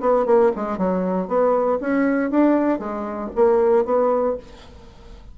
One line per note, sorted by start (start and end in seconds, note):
0.00 0.26 B3
0.26 0.51 A#3
0.55 0.78 G#3
0.78 1.28 F#3
1.28 1.79 B3
1.80 2.31 C#4
2.31 2.79 D4
2.79 3.30 G#3
3.35 3.85 A#3
3.85 4.36 B3